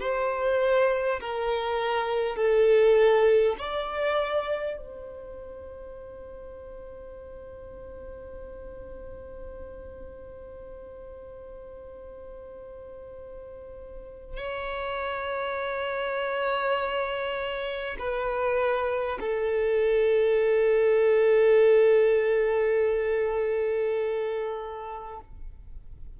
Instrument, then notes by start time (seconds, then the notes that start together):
violin
0.00 C5
1.21 A#4
2.36 A4
3.58 D5
4.77 C5
14.37 C#5
17.98 B4
19.20 A4